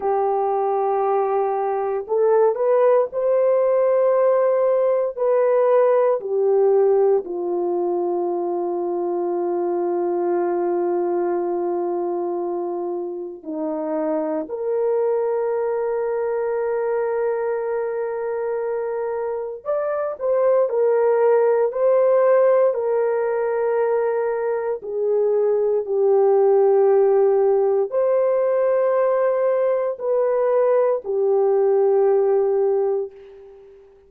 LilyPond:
\new Staff \with { instrumentName = "horn" } { \time 4/4 \tempo 4 = 58 g'2 a'8 b'8 c''4~ | c''4 b'4 g'4 f'4~ | f'1~ | f'4 dis'4 ais'2~ |
ais'2. d''8 c''8 | ais'4 c''4 ais'2 | gis'4 g'2 c''4~ | c''4 b'4 g'2 | }